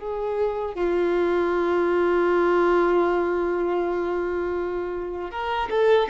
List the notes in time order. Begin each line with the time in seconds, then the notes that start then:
0.00 G#4
0.75 F4
5.31 A#4
5.70 A4